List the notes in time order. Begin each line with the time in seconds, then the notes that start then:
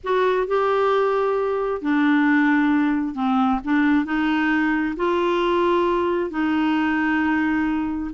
0.03 F#4
0.47 G4
1.81 D4
3.15 C4
3.64 D4
4.05 D#4
4.96 F4
6.30 D#4